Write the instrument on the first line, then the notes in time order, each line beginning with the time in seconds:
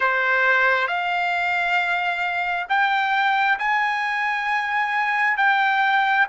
trumpet
0.00 C5
0.87 F5
2.69 G5
3.59 G#5
5.37 G5